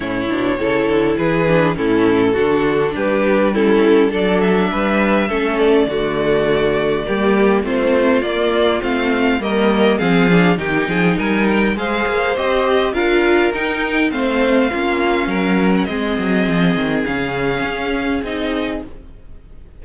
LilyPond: <<
  \new Staff \with { instrumentName = "violin" } { \time 4/4 \tempo 4 = 102 cis''2 b'4 a'4~ | a'4 b'4 a'4 d''8 e''8~ | e''4. d''2~ d''8~ | d''4 c''4 d''4 f''4 |
dis''4 f''4 g''4 gis''8 g''8 | f''4 dis''4 f''4 g''4 | f''2~ f''8. fis''16 dis''4~ | dis''4 f''2 dis''4 | }
  \new Staff \with { instrumentName = "violin" } { \time 4/4 e'4 a'4 gis'4 e'4 | fis'4 g'4 e'4 a'4 | b'4 a'4 fis'2 | g'4 f'2. |
ais'4 gis'4 g'8 gis'8 ais'4 | c''2 ais'2 | c''4 f'4 ais'4 gis'4~ | gis'1 | }
  \new Staff \with { instrumentName = "viola" } { \time 4/4 cis'8 d'8 e'4. d'8 cis'4 | d'2 cis'4 d'4~ | d'4 cis'4 a2 | ais4 c'4 ais4 c'4 |
ais4 c'8 d'8 dis'2 | gis'4 g'4 f'4 dis'4 | c'4 cis'2 c'4~ | c'4 cis'2 dis'4 | }
  \new Staff \with { instrumentName = "cello" } { \time 4/4 a,8 b,8 cis8 d8 e4 a,4 | d4 g2 fis4 | g4 a4 d2 | g4 a4 ais4 a4 |
g4 f4 dis8 f8 g4 | gis8 ais8 c'4 d'4 dis'4 | a4 ais4 fis4 gis8 fis8 | f8 dis8 cis4 cis'4 c'4 | }
>>